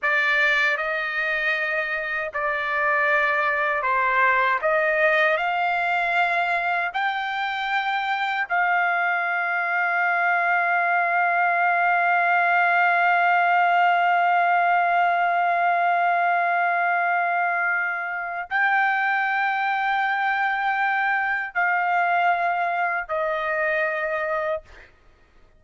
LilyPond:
\new Staff \with { instrumentName = "trumpet" } { \time 4/4 \tempo 4 = 78 d''4 dis''2 d''4~ | d''4 c''4 dis''4 f''4~ | f''4 g''2 f''4~ | f''1~ |
f''1~ | f''1 | g''1 | f''2 dis''2 | }